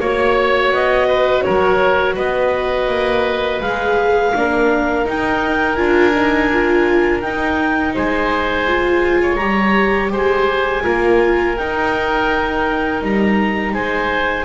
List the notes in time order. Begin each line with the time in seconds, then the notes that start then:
0.00 A#3 F#4 C#5
0.72 B3 D#5
1.08 B4
1.42 F#3 A#4 C#5
2.15 B3 B4 D#5
2.88 A#3
3.61 G#3 G#4 F5
4.35 A#3 D4 A#4
5.05 D#4 G5
5.76 D4 F4 G#5
6.15 D#4
6.52 F4
7.21 D#4 G5
7.94 G#3 C5 G#5
8.67 F4
9.22 C#5
9.36 G3 G4 A#5
10.12 G#3 C5 G#5
10.83 A#3 F4 A#4
11.58 D#4 G5
13.02 G3 A#5
13.73 G#3 C5 G#5